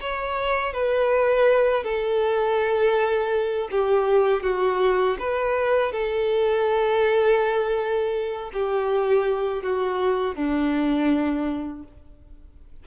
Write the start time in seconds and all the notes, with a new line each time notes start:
0.00 C#5
0.73 B4
1.84 A4
3.71 G4
4.42 F#4
5.19 B4
5.92 A4
8.53 G4
9.62 F#4
10.35 D4